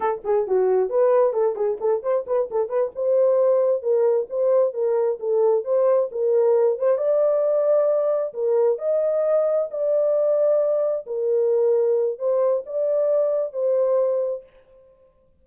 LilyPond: \new Staff \with { instrumentName = "horn" } { \time 4/4 \tempo 4 = 133 a'8 gis'8 fis'4 b'4 a'8 gis'8 | a'8 c''8 b'8 a'8 b'8 c''4.~ | c''8 ais'4 c''4 ais'4 a'8~ | a'8 c''4 ais'4. c''8 d''8~ |
d''2~ d''8 ais'4 dis''8~ | dis''4. d''2~ d''8~ | d''8 ais'2~ ais'8 c''4 | d''2 c''2 | }